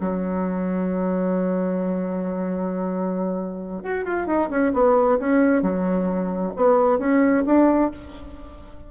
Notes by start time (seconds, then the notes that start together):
0.00 F#3
3.83 F#4
4.04 F4
4.27 D#4
4.49 C#4
4.73 B3
5.19 C#4
5.62 F#3
6.56 B3
6.99 C#4
7.46 D4